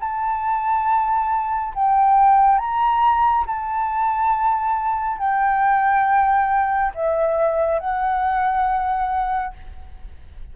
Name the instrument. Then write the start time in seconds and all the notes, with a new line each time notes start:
flute
0.00 A5
1.75 G5
2.59 A#5
3.47 A5
5.19 G5
6.95 E5
7.80 F#5